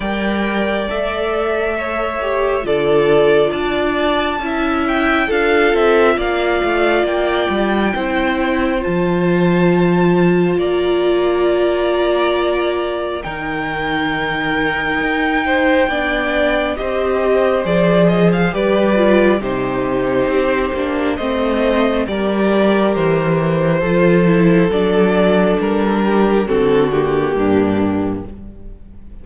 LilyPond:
<<
  \new Staff \with { instrumentName = "violin" } { \time 4/4 \tempo 4 = 68 g''4 e''2 d''4 | a''4. g''8 f''8 e''8 f''4 | g''2 a''2 | ais''2. g''4~ |
g''2. dis''4 | d''8 dis''16 f''16 d''4 c''2 | dis''4 d''4 c''2 | d''4 ais'4 a'8 g'4. | }
  \new Staff \with { instrumentName = "violin" } { \time 4/4 d''2 cis''4 a'4 | d''4 e''4 a'4 d''4~ | d''4 c''2. | d''2. ais'4~ |
ais'4. c''8 d''4 c''4~ | c''4 b'4 g'2 | c''4 ais'2 a'4~ | a'4. g'8 fis'4 d'4 | }
  \new Staff \with { instrumentName = "viola" } { \time 4/4 ais'4 a'4. g'8 f'4~ | f'4 e'4 f'2~ | f'4 e'4 f'2~ | f'2. dis'4~ |
dis'2 d'4 g'4 | gis'4 g'8 f'8 dis'4. d'8 | c'4 g'2 f'8 e'8 | d'2 c'8 ais4. | }
  \new Staff \with { instrumentName = "cello" } { \time 4/4 g4 a2 d4 | d'4 cis'4 d'8 c'8 ais8 a8 | ais8 g8 c'4 f2 | ais2. dis4~ |
dis4 dis'4 b4 c'4 | f4 g4 c4 c'8 ais8 | a4 g4 e4 f4 | fis4 g4 d4 g,4 | }
>>